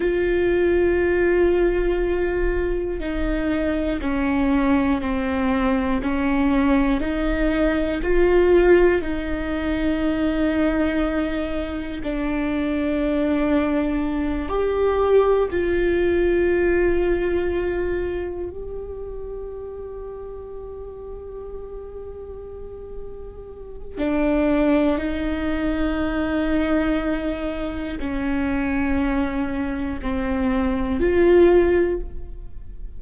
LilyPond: \new Staff \with { instrumentName = "viola" } { \time 4/4 \tempo 4 = 60 f'2. dis'4 | cis'4 c'4 cis'4 dis'4 | f'4 dis'2. | d'2~ d'8 g'4 f'8~ |
f'2~ f'8 g'4.~ | g'1 | d'4 dis'2. | cis'2 c'4 f'4 | }